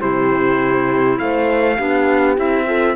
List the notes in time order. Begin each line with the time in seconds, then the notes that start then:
0.00 C3 E4 G4 C5
1.19 A3 C5 F5
1.77 B3 D4 G4
2.37 C4 E4 E5
2.65 F4 A4